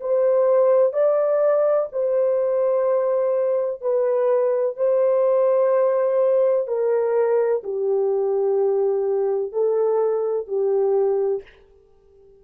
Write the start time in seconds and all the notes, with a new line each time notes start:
0.00 C5
0.93 D5
1.92 C5
3.81 B4
4.77 C5
6.67 A#4
7.63 G4
9.52 A4
10.47 G4